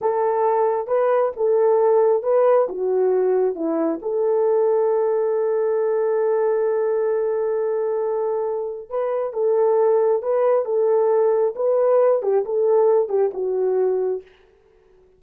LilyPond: \new Staff \with { instrumentName = "horn" } { \time 4/4 \tempo 4 = 135 a'2 b'4 a'4~ | a'4 b'4 fis'2 | e'4 a'2.~ | a'1~ |
a'1 | b'4 a'2 b'4 | a'2 b'4. g'8 | a'4. g'8 fis'2 | }